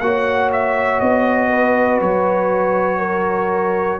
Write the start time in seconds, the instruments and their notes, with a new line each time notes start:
0.00 tuba A#3, trombone F#4, horn C#5, trumpet F#5
0.53 trumpet E5
1.00 tuba B3, trumpet D#5
1.50 horn B4
2.01 tuba F#3, trumpet C#5
2.99 horn A#4